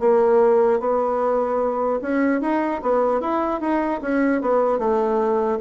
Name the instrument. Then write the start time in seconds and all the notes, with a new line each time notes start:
bassoon
0.00 A#3
0.80 B3
2.02 C#4
2.41 D#4
2.82 B3
3.21 E4
3.61 D#4
4.01 C#4
4.41 B3
4.79 A3